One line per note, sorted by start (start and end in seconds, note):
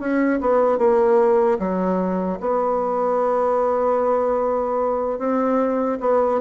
0.00 0.40 C#4
0.41 0.78 B3
0.78 1.58 A#3
1.59 2.39 F#3
2.40 5.19 B3
5.19 5.99 C4
6.01 6.41 B3